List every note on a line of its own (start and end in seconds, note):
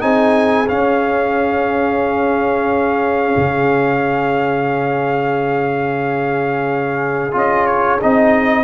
0.00 0.69 C4
0.00 0.67 D#4
0.00 8.64 G#4
0.00 0.68 G#5
0.68 7.32 C#4
0.68 3.36 C#4
0.68 7.36 F5
3.37 7.35 C#3
7.32 8.02 C#4
7.32 7.99 F4
7.32 7.67 D#5
7.67 8.00 C#5
8.01 8.64 C4
8.01 8.64 D#4
8.01 8.64 D#5